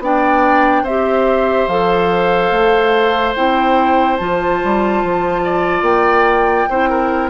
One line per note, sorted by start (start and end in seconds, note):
0.00 0.83 B3
0.00 0.86 D4
0.00 0.84 D5
0.00 0.86 G5
0.83 1.67 C4
0.83 1.71 G4
0.83 5.42 C5
0.83 1.68 E5
1.68 2.51 F3
1.68 3.37 A4
1.68 3.35 F5
2.51 3.35 A3
3.36 4.20 C4
3.36 4.19 E4
3.36 4.17 G5
4.17 4.62 F3
4.17 6.69 F4
4.17 5.84 A5
4.64 5.04 G3
5.04 5.82 F3
5.45 6.70 D5
5.82 6.66 A#3
5.82 7.30 G5
6.70 7.30 C4
6.70 7.30 E4
6.70 6.90 C5
6.90 7.30 A#4